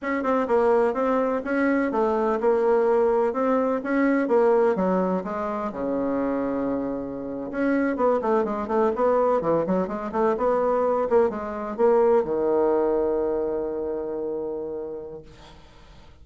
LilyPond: \new Staff \with { instrumentName = "bassoon" } { \time 4/4 \tempo 4 = 126 cis'8 c'8 ais4 c'4 cis'4 | a4 ais2 c'4 | cis'4 ais4 fis4 gis4 | cis2.~ cis8. cis'16~ |
cis'8. b8 a8 gis8 a8 b4 e16~ | e16 fis8 gis8 a8 b4. ais8 gis16~ | gis8. ais4 dis2~ dis16~ | dis1 | }